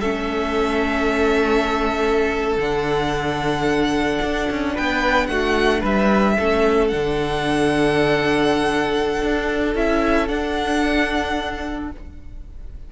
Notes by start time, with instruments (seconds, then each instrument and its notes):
0.00 cello A3, viola C#4, violin A4 E5
2.57 cello D3, viola D4, violin F#5
4.22 cello D4
4.50 cello C#4
4.74 cello B3, violin B4 G5
5.27 cello A3, violin F#4 F#5
5.80 cello G3, violin B4 E5
6.38 cello A3, viola C#4, violin A4
6.88 cello D3, viola D4, violin F#5
9.22 cello D4
9.75 cello C#4, viola E4, violin E5
10.28 viola D4, cello D4, violin F#5